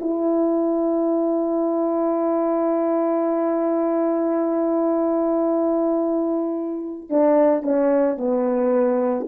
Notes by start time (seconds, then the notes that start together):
0.00 E4
7.09 D4
7.62 C#4
8.17 B3